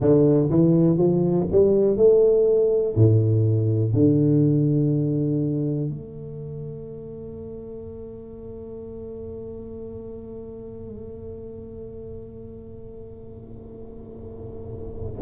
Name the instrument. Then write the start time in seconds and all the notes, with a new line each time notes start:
tuba
0.00 D3
0.50 E3
0.97 F3
1.51 G3
1.96 A3
2.95 A2
3.93 D3
5.89 A3